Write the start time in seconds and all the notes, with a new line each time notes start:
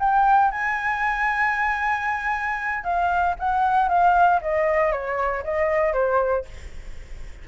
0.00 G5
0.52 G#5
2.84 F5
3.39 F#5
3.89 F5
4.42 D#5
4.92 C#5
5.45 D#5
5.94 C5